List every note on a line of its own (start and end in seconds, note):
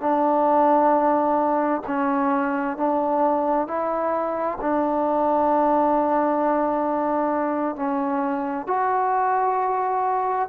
0.00 1.82 D4
1.87 2.77 C#4
2.77 3.67 D4
3.67 4.58 E4
4.61 7.76 D4
7.76 8.67 C#4
8.67 10.48 F#4